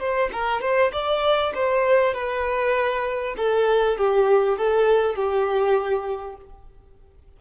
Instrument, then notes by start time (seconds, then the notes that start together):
violin
0.00 C5
0.33 A#4
0.61 C5
0.93 D5
1.55 C5
2.14 B4
3.37 A4
3.98 G4
4.58 A4
5.15 G4